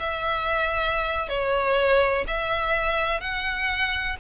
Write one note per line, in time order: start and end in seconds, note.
0.00 1.29 E5
1.29 2.25 C#5
2.27 3.21 E5
3.21 4.17 F#5